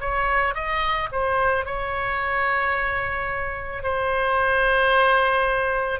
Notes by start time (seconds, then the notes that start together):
0.00 C#5
0.55 D#5
1.12 C5
1.65 C#5
3.82 C5